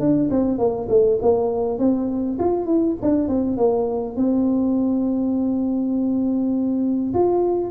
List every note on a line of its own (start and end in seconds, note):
0.00 0.30 D4
0.31 0.58 C4
0.58 0.88 A#3
0.89 1.19 A3
1.22 1.79 A#3
1.79 2.38 C4
2.39 2.66 F4
2.66 2.96 E4
3.02 3.29 D4
3.29 3.57 C4
3.57 4.16 A#3
4.16 7.13 C4
7.14 7.71 F4